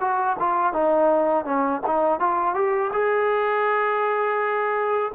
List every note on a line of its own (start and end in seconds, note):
0.00 0.37 F#4
0.39 0.73 F4
0.73 1.45 D#4
1.45 1.82 C#4
1.87 2.20 D#4
2.20 2.54 F4
2.54 2.91 G4
2.92 5.12 G#4